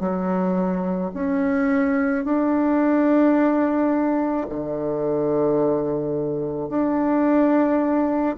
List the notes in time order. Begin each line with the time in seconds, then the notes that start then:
0.00 F#3
1.14 C#4
2.25 D4
4.49 D3
6.69 D4